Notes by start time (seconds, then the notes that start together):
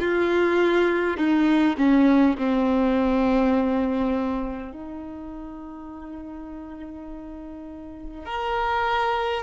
0.00 F4
1.18 D#4
1.78 C#4
2.39 C4
4.73 D#4
8.26 A#4